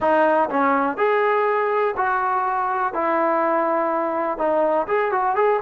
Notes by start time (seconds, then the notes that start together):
0.00 D#4
0.49 C#4
0.97 G#4
1.96 F#4
2.93 E4
4.37 D#4
4.87 G#4
5.11 F#4
5.35 G#4